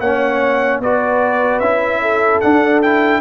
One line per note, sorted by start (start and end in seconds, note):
0.00 0.80 A#3
0.00 0.83 C#4
0.00 0.81 C#5
0.00 0.81 F#5
0.80 1.60 B3
0.80 1.63 F#4
0.80 2.02 B4
0.80 1.60 D5
1.60 2.40 C#4
1.60 2.43 E4
1.60 2.40 E5
2.02 3.21 A4
2.41 2.83 D4
2.41 3.21 D4
2.41 2.81 F#5
2.82 3.21 E4
2.82 3.21 G5